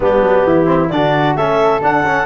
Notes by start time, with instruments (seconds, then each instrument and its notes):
0.00 tuba G3, trombone B3, flute D4, clarinet G4
0.21 tuba F#3
0.45 tuba E3, flute E4
0.65 trombone C4
0.89 tuba D3, trombone D4, flute F#4, clarinet D5
1.35 tuba A3, trombone C#4, flute A4, clarinet E5
1.81 trombone D4, tuba D4, clarinet F#5
2.03 tuba C#4, trombone C#4